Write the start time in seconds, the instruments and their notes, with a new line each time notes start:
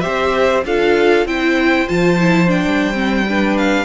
0.00 cello C4, viola G4, violin C5 E5
0.64 cello D4, viola F4, violin A4 F5
1.26 cello C4, viola E4, violin C5 G5
1.87 cello F3, viola F4, violin A5
2.19 viola E4
2.47 viola D4, violin G5
2.65 cello G3
2.93 viola C4
3.29 viola D4, violin B4
3.57 violin F5